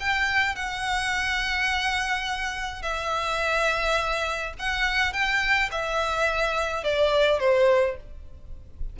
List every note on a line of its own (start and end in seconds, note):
0.00 0.56 G5
0.56 2.82 F#5
2.82 4.54 E5
4.59 5.13 F#5
5.13 5.70 G5
5.71 6.84 E5
6.84 7.40 D5
7.40 7.97 C5